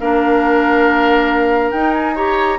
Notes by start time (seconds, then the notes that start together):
0.00 A#3 D4 A#4 F5
1.72 D#4 G5
1.94 G#5
2.16 G4 C#5 A#5